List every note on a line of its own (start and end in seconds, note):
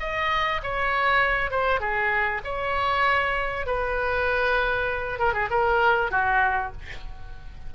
0.00 0.61 D#5
0.63 1.51 C#5
1.51 1.80 C5
1.80 2.42 G#4
2.44 3.67 C#5
3.67 5.19 B4
5.19 5.33 A#4
5.33 5.49 G#4
5.50 6.11 A#4
6.11 6.72 F#4